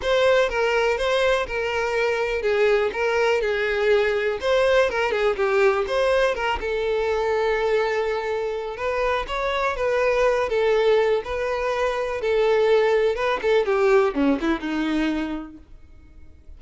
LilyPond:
\new Staff \with { instrumentName = "violin" } { \time 4/4 \tempo 4 = 123 c''4 ais'4 c''4 ais'4~ | ais'4 gis'4 ais'4 gis'4~ | gis'4 c''4 ais'8 gis'8 g'4 | c''4 ais'8 a'2~ a'8~ |
a'2 b'4 cis''4 | b'4. a'4. b'4~ | b'4 a'2 b'8 a'8 | g'4 cis'8 e'8 dis'2 | }